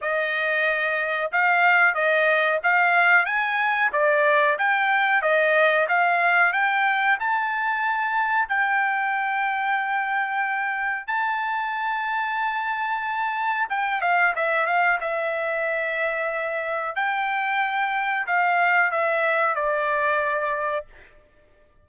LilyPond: \new Staff \with { instrumentName = "trumpet" } { \time 4/4 \tempo 4 = 92 dis''2 f''4 dis''4 | f''4 gis''4 d''4 g''4 | dis''4 f''4 g''4 a''4~ | a''4 g''2.~ |
g''4 a''2.~ | a''4 g''8 f''8 e''8 f''8 e''4~ | e''2 g''2 | f''4 e''4 d''2 | }